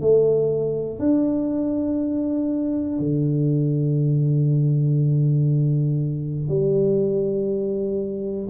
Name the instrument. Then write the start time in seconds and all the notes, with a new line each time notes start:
tuba
0.00 A3
0.99 D4
2.99 D3
6.49 G3